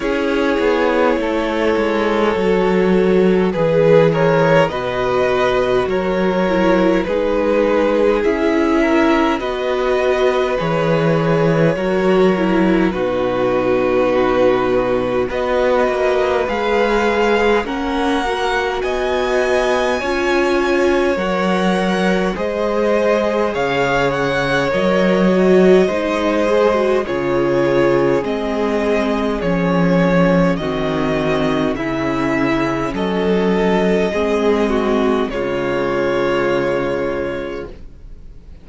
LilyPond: <<
  \new Staff \with { instrumentName = "violin" } { \time 4/4 \tempo 4 = 51 cis''2. b'8 cis''8 | dis''4 cis''4 b'4 e''4 | dis''4 cis''2 b'4~ | b'4 dis''4 f''4 fis''4 |
gis''2 fis''4 dis''4 | f''8 fis''8 dis''2 cis''4 | dis''4 cis''4 dis''4 e''4 | dis''2 cis''2 | }
  \new Staff \with { instrumentName = "violin" } { \time 4/4 gis'4 a'2 gis'8 ais'8 | b'4 ais'4 gis'4. ais'8 | b'2 ais'4 fis'4~ | fis'4 b'2 ais'4 |
dis''4 cis''2 c''4 | cis''2 c''4 gis'4~ | gis'2 fis'4 e'4 | a'4 gis'8 fis'8 f'2 | }
  \new Staff \with { instrumentName = "viola" } { \time 4/4 e'2 fis'4 gis'4 | fis'4. e'8 dis'4 e'4 | fis'4 gis'4 fis'8 e'8 dis'4~ | dis'4 fis'4 gis'4 cis'8 fis'8~ |
fis'4 f'4 ais'4 gis'4~ | gis'4 ais'8 fis'8 dis'8 gis'16 fis'16 f'4 | c'4 cis'4 c'4 cis'4~ | cis'4 c'4 gis2 | }
  \new Staff \with { instrumentName = "cello" } { \time 4/4 cis'8 b8 a8 gis8 fis4 e4 | b,4 fis4 gis4 cis'4 | b4 e4 fis4 b,4~ | b,4 b8 ais8 gis4 ais4 |
b4 cis'4 fis4 gis4 | cis4 fis4 gis4 cis4 | gis4 f4 dis4 cis4 | fis4 gis4 cis2 | }
>>